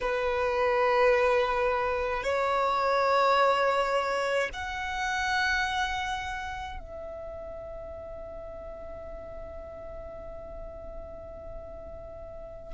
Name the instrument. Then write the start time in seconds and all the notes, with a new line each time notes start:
violin
0.00 B4
2.23 C#5
4.53 F#5
6.79 E5